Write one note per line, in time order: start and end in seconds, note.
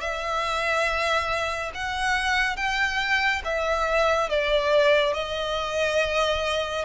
0.00 1.71 E5
1.74 2.56 F#5
2.56 3.42 G5
3.44 4.29 E5
4.29 5.13 D5
5.13 6.85 D#5